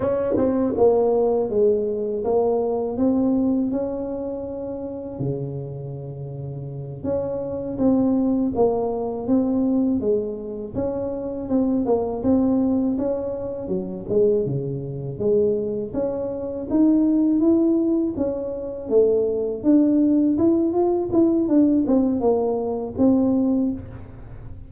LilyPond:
\new Staff \with { instrumentName = "tuba" } { \time 4/4 \tempo 4 = 81 cis'8 c'8 ais4 gis4 ais4 | c'4 cis'2 cis4~ | cis4. cis'4 c'4 ais8~ | ais8 c'4 gis4 cis'4 c'8 |
ais8 c'4 cis'4 fis8 gis8 cis8~ | cis8 gis4 cis'4 dis'4 e'8~ | e'8 cis'4 a4 d'4 e'8 | f'8 e'8 d'8 c'8 ais4 c'4 | }